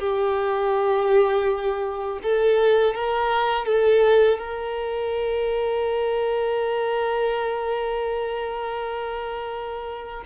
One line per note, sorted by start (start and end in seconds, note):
0.00 2.20 G4
2.23 2.95 A4
2.95 3.66 A#4
3.66 4.39 A4
4.39 10.24 A#4